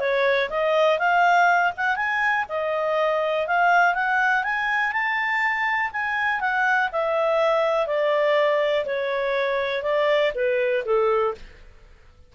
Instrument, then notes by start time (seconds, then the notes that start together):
clarinet
0.00 C#5
0.50 D#5
0.99 F5
1.77 F#5
1.96 G#5
2.49 D#5
3.47 F5
3.95 F#5
4.44 G#5
4.93 A5
5.93 G#5
6.40 F#5
6.92 E5
7.87 D5
8.85 C#5
9.83 D5
10.35 B4
10.85 A4